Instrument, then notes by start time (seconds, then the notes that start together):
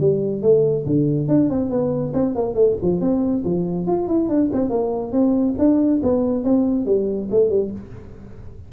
tuba
0.00 G3
0.42 A3
0.86 D3
1.28 D4
1.50 C4
1.70 B3
2.14 C4
2.35 A#3
2.54 A3
2.82 F3
3.01 C4
3.44 F3
3.87 F4
4.08 E4
4.29 D4
4.53 C4
4.70 A#3
5.12 C4
5.58 D4
6.03 B3
6.44 C4
6.86 G3
7.31 A3
7.50 G3